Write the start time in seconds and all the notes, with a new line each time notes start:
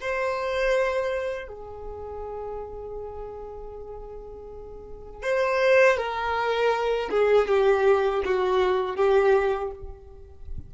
0.00 C5
1.48 G#4
5.22 C5
5.97 A#4
7.10 G#4
7.48 G4
8.25 F#4
8.96 G4